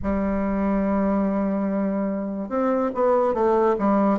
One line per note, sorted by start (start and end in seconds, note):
0.02 2.48 G3
2.48 2.90 C4
2.94 3.34 B3
3.34 3.75 A3
3.78 4.18 G3